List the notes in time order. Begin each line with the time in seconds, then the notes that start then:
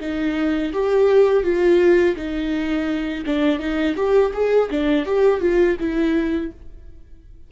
0.00 D#4
0.73 G4
1.43 F4
2.16 D#4
3.26 D4
3.59 D#4
3.96 G4
4.33 G#4
4.71 D4
5.06 G4
5.41 F4
5.79 E4